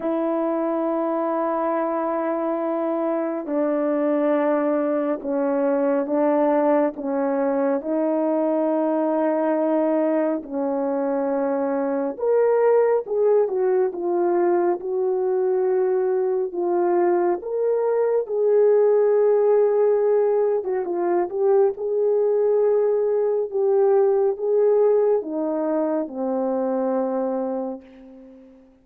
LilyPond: \new Staff \with { instrumentName = "horn" } { \time 4/4 \tempo 4 = 69 e'1 | d'2 cis'4 d'4 | cis'4 dis'2. | cis'2 ais'4 gis'8 fis'8 |
f'4 fis'2 f'4 | ais'4 gis'2~ gis'8. fis'16 | f'8 g'8 gis'2 g'4 | gis'4 dis'4 c'2 | }